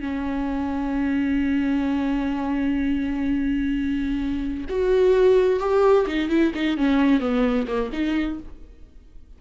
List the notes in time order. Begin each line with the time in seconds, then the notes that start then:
0.00 C#4
4.69 F#4
5.59 G4
6.07 D#4
6.29 E4
6.54 D#4
6.77 C#4
7.20 B3
7.67 A#3
7.92 D#4